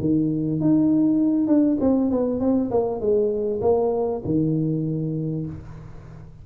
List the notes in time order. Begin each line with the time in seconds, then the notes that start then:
0.00 D#3
0.60 D#4
1.47 D4
1.80 C4
2.11 B3
2.40 C4
2.71 A#3
3.00 G#3
3.61 A#3
4.25 D#3